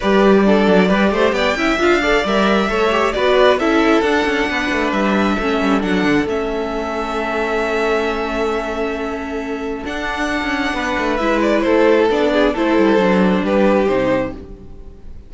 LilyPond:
<<
  \new Staff \with { instrumentName = "violin" } { \time 4/4 \tempo 4 = 134 d''2. g''4 | f''4 e''2 d''4 | e''4 fis''2 e''4~ | e''4 fis''4 e''2~ |
e''1~ | e''2 fis''2~ | fis''4 e''8 d''8 c''4 d''4 | c''2 b'4 c''4 | }
  \new Staff \with { instrumentName = "violin" } { \time 4/4 b'4 a'4 b'8 c''8 d''8 e''8~ | e''8 d''4. cis''4 b'4 | a'2 b'2 | a'1~ |
a'1~ | a'1 | b'2 a'4. gis'8 | a'2 g'2 | }
  \new Staff \with { instrumentName = "viola" } { \time 4/4 g'4 d'4 g'4. e'8 | f'8 a'8 ais'4 a'8 g'8 fis'4 | e'4 d'2. | cis'4 d'4 cis'2~ |
cis'1~ | cis'2 d'2~ | d'4 e'2 d'4 | e'4 d'2 dis'4 | }
  \new Staff \with { instrumentName = "cello" } { \time 4/4 g4. fis8 g8 a8 b8 cis'8 | d'4 g4 a4 b4 | cis'4 d'8 cis'8 b8 a8 g4 | a8 g8 fis8 d8 a2~ |
a1~ | a2 d'4~ d'16 cis'8. | b8 a8 gis4 a4 b4 | a8 g8 fis4 g4 c4 | }
>>